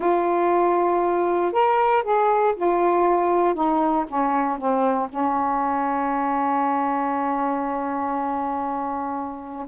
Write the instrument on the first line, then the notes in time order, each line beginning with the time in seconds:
saxophone
0.00 F4
1.52 A#4
2.03 G#4
2.56 F4
3.54 D#4
4.08 C#4
4.58 C4
5.09 C#4